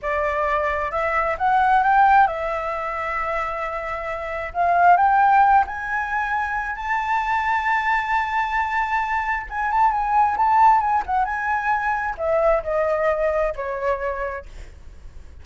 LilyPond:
\new Staff \with { instrumentName = "flute" } { \time 4/4 \tempo 4 = 133 d''2 e''4 fis''4 | g''4 e''2.~ | e''2 f''4 g''4~ | g''8 gis''2~ gis''8 a''4~ |
a''1~ | a''4 gis''8 a''8 gis''4 a''4 | gis''8 fis''8 gis''2 e''4 | dis''2 cis''2 | }